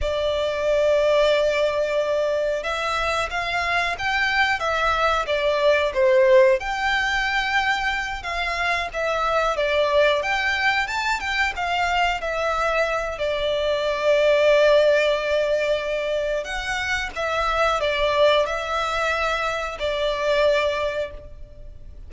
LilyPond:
\new Staff \with { instrumentName = "violin" } { \time 4/4 \tempo 4 = 91 d''1 | e''4 f''4 g''4 e''4 | d''4 c''4 g''2~ | g''8 f''4 e''4 d''4 g''8~ |
g''8 a''8 g''8 f''4 e''4. | d''1~ | d''4 fis''4 e''4 d''4 | e''2 d''2 | }